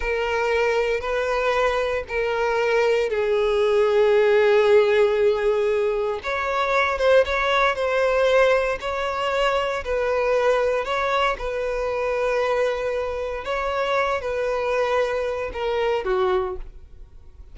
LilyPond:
\new Staff \with { instrumentName = "violin" } { \time 4/4 \tempo 4 = 116 ais'2 b'2 | ais'2 gis'2~ | gis'1 | cis''4. c''8 cis''4 c''4~ |
c''4 cis''2 b'4~ | b'4 cis''4 b'2~ | b'2 cis''4. b'8~ | b'2 ais'4 fis'4 | }